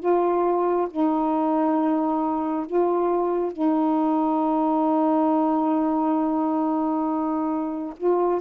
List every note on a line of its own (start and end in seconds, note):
0.00 0.88 F4
0.91 2.67 D#4
2.67 3.53 F4
3.53 7.94 D#4
7.97 8.41 F4